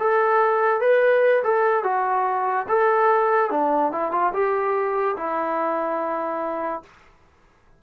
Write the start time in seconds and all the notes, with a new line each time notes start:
0.00 A4
0.81 B4
1.44 A4
1.84 F#4
2.69 A4
3.51 D4
3.92 E4
4.12 F4
4.34 G4
5.17 E4